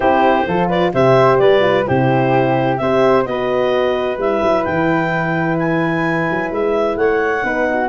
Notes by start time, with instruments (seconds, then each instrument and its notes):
0.00 tuba C4, horn E4, flute G4, clarinet C5
0.47 tuba F3, horn F4, flute A4
0.67 flute B4, clarinet D5
0.93 tuba C3, horn G4, flute C5, clarinet E5
1.38 tuba G3, flute B4, clarinet D5
1.60 horn F4
1.86 tuba C3, horn E4, flute G4, clarinet C5
2.77 tuba C4, horn G4, flute C5, clarinet E5
3.24 tuba B3, horn F#4, flute B4, clarinet D#5
4.17 tuba G3, horn E4, clarinet E5
4.42 tuba F#3
4.64 tuba E3, clarinet G5
5.58 clarinet G#5
6.30 tuba F#3
6.51 tuba G#3, clarinet E5
6.96 tuba A3, flute C#5, clarinet F#5
7.42 tuba B3, horn D#4, flute B4
7.69 flute F#4